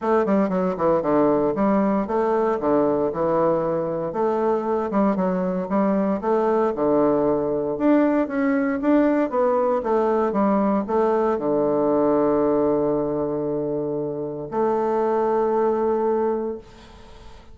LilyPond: \new Staff \with { instrumentName = "bassoon" } { \time 4/4 \tempo 4 = 116 a8 g8 fis8 e8 d4 g4 | a4 d4 e2 | a4. g8 fis4 g4 | a4 d2 d'4 |
cis'4 d'4 b4 a4 | g4 a4 d2~ | d1 | a1 | }